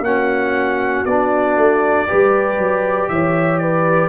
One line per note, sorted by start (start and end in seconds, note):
0.00 1.02 A#3
0.00 1.06 C#4
0.00 2.08 F#4
0.00 1.06 F#5
1.06 1.57 B3
1.06 2.08 D4
1.06 3.09 D5
1.57 2.07 A3
2.08 2.58 G3
2.08 4.09 G4
2.08 3.10 B4
2.58 3.09 F#3
3.09 4.09 E3
3.09 3.62 C#5
3.09 3.59 E5
3.59 4.09 B4
3.59 4.09 D5